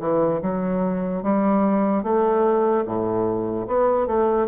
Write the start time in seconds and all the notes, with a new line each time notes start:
0.00 E3
0.42 F#3
1.23 G3
2.03 A3
2.86 A2
3.67 B3
4.07 A3